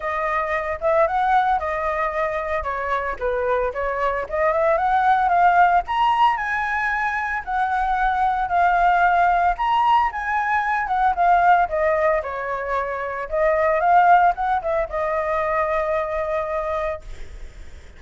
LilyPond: \new Staff \with { instrumentName = "flute" } { \time 4/4 \tempo 4 = 113 dis''4. e''8 fis''4 dis''4~ | dis''4 cis''4 b'4 cis''4 | dis''8 e''8 fis''4 f''4 ais''4 | gis''2 fis''2 |
f''2 ais''4 gis''4~ | gis''8 fis''8 f''4 dis''4 cis''4~ | cis''4 dis''4 f''4 fis''8 e''8 | dis''1 | }